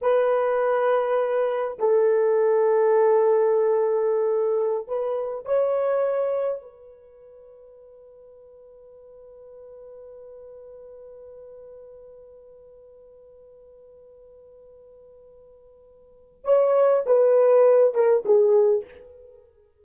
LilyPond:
\new Staff \with { instrumentName = "horn" } { \time 4/4 \tempo 4 = 102 b'2. a'4~ | a'1~ | a'16 b'4 cis''2 b'8.~ | b'1~ |
b'1~ | b'1~ | b'1 | cis''4 b'4. ais'8 gis'4 | }